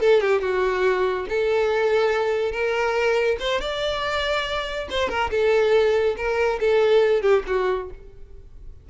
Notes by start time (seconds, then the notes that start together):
0.00 A4
0.20 G4
0.41 F#4
1.28 A4
2.51 A#4
3.39 C5
3.60 D5
4.90 C5
5.08 A#4
5.30 A4
6.16 A#4
6.60 A4
7.21 G4
7.47 F#4